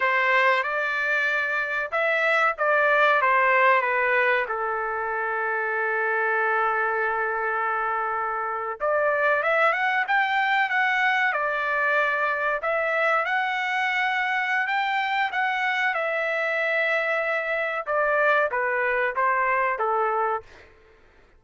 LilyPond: \new Staff \with { instrumentName = "trumpet" } { \time 4/4 \tempo 4 = 94 c''4 d''2 e''4 | d''4 c''4 b'4 a'4~ | a'1~ | a'4.~ a'16 d''4 e''8 fis''8 g''16~ |
g''8. fis''4 d''2 e''16~ | e''8. fis''2~ fis''16 g''4 | fis''4 e''2. | d''4 b'4 c''4 a'4 | }